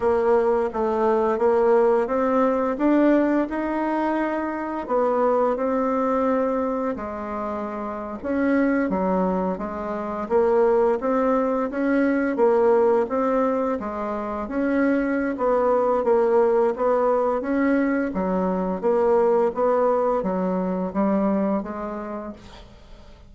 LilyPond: \new Staff \with { instrumentName = "bassoon" } { \time 4/4 \tempo 4 = 86 ais4 a4 ais4 c'4 | d'4 dis'2 b4 | c'2 gis4.~ gis16 cis'16~ | cis'8. fis4 gis4 ais4 c'16~ |
c'8. cis'4 ais4 c'4 gis16~ | gis8. cis'4~ cis'16 b4 ais4 | b4 cis'4 fis4 ais4 | b4 fis4 g4 gis4 | }